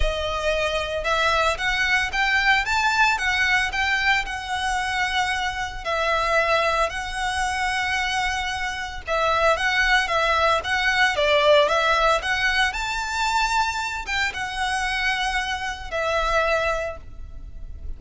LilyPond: \new Staff \with { instrumentName = "violin" } { \time 4/4 \tempo 4 = 113 dis''2 e''4 fis''4 | g''4 a''4 fis''4 g''4 | fis''2. e''4~ | e''4 fis''2.~ |
fis''4 e''4 fis''4 e''4 | fis''4 d''4 e''4 fis''4 | a''2~ a''8 g''8 fis''4~ | fis''2 e''2 | }